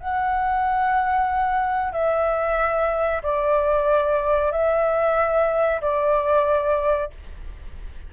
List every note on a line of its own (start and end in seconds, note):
0.00 1.93 F#5
1.93 3.22 E5
3.23 4.52 D5
4.52 5.81 E5
5.82 7.11 D5